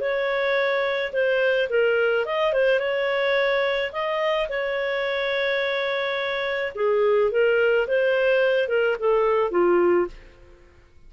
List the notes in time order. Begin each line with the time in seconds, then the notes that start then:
0.00 C#5
1.13 C5
1.69 A#4
2.26 D#5
2.53 C5
2.79 C#5
3.92 D#5
4.49 C#5
6.75 G#4
7.31 A#4
7.87 C5
8.68 A#4
8.99 A4
9.51 F4